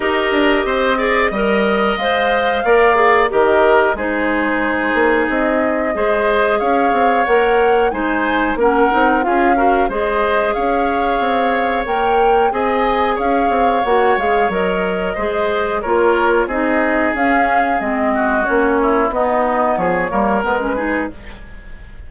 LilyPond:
<<
  \new Staff \with { instrumentName = "flute" } { \time 4/4 \tempo 4 = 91 dis''2. f''4~ | f''4 dis''4 c''2 | dis''2 f''4 fis''4 | gis''4 fis''4 f''4 dis''4 |
f''2 g''4 gis''4 | f''4 fis''8 f''8 dis''2 | cis''4 dis''4 f''4 dis''4 | cis''4 dis''4 cis''4 b'4 | }
  \new Staff \with { instrumentName = "oboe" } { \time 4/4 ais'4 c''8 d''8 dis''2 | d''4 ais'4 gis'2~ | gis'4 c''4 cis''2 | c''4 ais'4 gis'8 ais'8 c''4 |
cis''2. dis''4 | cis''2. c''4 | ais'4 gis'2~ gis'8 fis'8~ | fis'8 e'8 dis'4 gis'8 ais'4 gis'8 | }
  \new Staff \with { instrumentName = "clarinet" } { \time 4/4 g'4. gis'8 ais'4 c''4 | ais'8 gis'8 g'4 dis'2~ | dis'4 gis'2 ais'4 | dis'4 cis'8 dis'8 f'8 fis'8 gis'4~ |
gis'2 ais'4 gis'4~ | gis'4 fis'8 gis'8 ais'4 gis'4 | f'4 dis'4 cis'4 c'4 | cis'4 b4. ais8 b16 cis'16 dis'8 | }
  \new Staff \with { instrumentName = "bassoon" } { \time 4/4 dis'8 d'8 c'4 g4 gis4 | ais4 dis4 gis4. ais8 | c'4 gis4 cis'8 c'8 ais4 | gis4 ais8 c'8 cis'4 gis4 |
cis'4 c'4 ais4 c'4 | cis'8 c'8 ais8 gis8 fis4 gis4 | ais4 c'4 cis'4 gis4 | ais4 b4 f8 g8 gis4 | }
>>